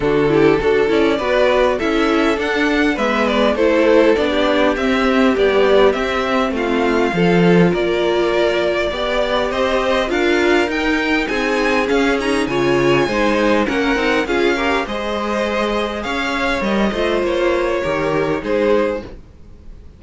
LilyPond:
<<
  \new Staff \with { instrumentName = "violin" } { \time 4/4 \tempo 4 = 101 a'4. d''4. e''4 | fis''4 e''8 d''8 c''4 d''4 | e''4 d''4 e''4 f''4~ | f''4 d''2. |
dis''4 f''4 g''4 gis''4 | f''8 ais''8 gis''2 fis''4 | f''4 dis''2 f''4 | dis''4 cis''2 c''4 | }
  \new Staff \with { instrumentName = "violin" } { \time 4/4 fis'8 g'8 a'4 b'4 a'4~ | a'4 b'4 a'4~ a'16 g'8.~ | g'2. f'4 | a'4 ais'2 d''4 |
c''4 ais'2 gis'4~ | gis'4 cis''4 c''4 ais'4 | gis'8 ais'8 c''2 cis''4~ | cis''8 c''4. ais'4 gis'4 | }
  \new Staff \with { instrumentName = "viola" } { \time 4/4 d'8 e'8 fis'8 e'8 fis'4 e'4 | d'4 b4 e'4 d'4 | c'4 g4 c'2 | f'2. g'4~ |
g'4 f'4 dis'2 | cis'8 dis'8 f'4 dis'4 cis'8 dis'8 | f'8 g'8 gis'2. | ais'8 f'4. g'4 dis'4 | }
  \new Staff \with { instrumentName = "cello" } { \time 4/4 d4 d'8 cis'8 b4 cis'4 | d'4 gis4 a4 b4 | c'4 b4 c'4 a4 | f4 ais2 b4 |
c'4 d'4 dis'4 c'4 | cis'4 cis4 gis4 ais8 c'8 | cis'4 gis2 cis'4 | g8 a8 ais4 dis4 gis4 | }
>>